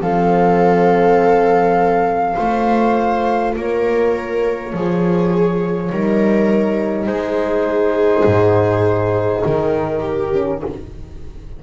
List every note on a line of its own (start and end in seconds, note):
0.00 2.35 F3
0.00 2.38 C4
0.00 2.35 A4
0.00 3.54 F5
2.35 3.56 A3
2.35 5.88 F4
2.35 3.53 C5
3.56 4.73 A#3
3.56 4.75 A#4
3.56 7.06 C#5
4.73 5.90 F3
4.73 5.91 G#4
5.88 7.07 G3
5.88 10.30 D#4
5.88 7.07 A#4
7.06 8.24 G#3
7.06 9.99 G#4
7.06 9.41 C5
8.25 9.43 G#2
9.45 10.63 D#3
9.45 10.62 A#4
9.99 10.57 G4
10.32 10.62 C#4